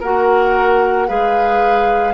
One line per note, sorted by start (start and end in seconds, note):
0.00 1.09 A#3
0.00 1.08 F#4
0.00 1.07 A#4
0.00 1.09 F#5
1.08 2.14 G#3
1.08 2.14 G#4
1.08 2.14 B4
1.08 2.14 F5